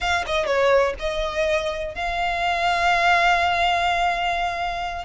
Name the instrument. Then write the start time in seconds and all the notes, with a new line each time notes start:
violin
0.00 F5
0.26 D#5
0.46 C#5
0.99 D#5
1.94 F5